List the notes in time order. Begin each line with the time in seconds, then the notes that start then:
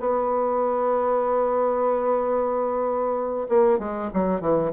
0.00 B3
3.49 A#3
3.79 G#3
4.13 F#3
4.40 E3